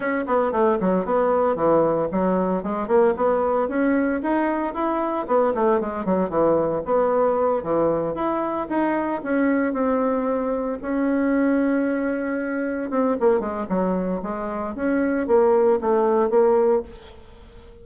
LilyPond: \new Staff \with { instrumentName = "bassoon" } { \time 4/4 \tempo 4 = 114 cis'8 b8 a8 fis8 b4 e4 | fis4 gis8 ais8 b4 cis'4 | dis'4 e'4 b8 a8 gis8 fis8 | e4 b4. e4 e'8~ |
e'8 dis'4 cis'4 c'4.~ | c'8 cis'2.~ cis'8~ | cis'8 c'8 ais8 gis8 fis4 gis4 | cis'4 ais4 a4 ais4 | }